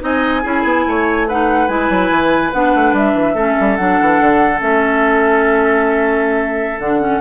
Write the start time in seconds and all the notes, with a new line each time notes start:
0.00 C4 D#4 D#5 G#5
0.42 C#4 E4 G#4
0.64 B3
0.86 A3 C#5
1.27 D#4 B4 F#5
1.68 G#3 E4 G#5
1.90 F#3
2.10 E3
2.52 B3 D4 F#5
2.75 A3
2.93 G3 E5
3.14 E3
3.34 A3 C#4 A4
3.60 G3
3.76 F#3 D4 F#5
4.01 E3
4.20 D3
4.59 A3 C#4 E5
6.79 D3 D4 F#5
7.00 C#4